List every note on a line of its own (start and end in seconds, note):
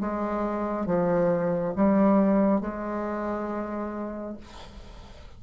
0.00 0.85 G#3
0.85 1.74 F3
1.75 2.60 G3
2.60 4.37 G#3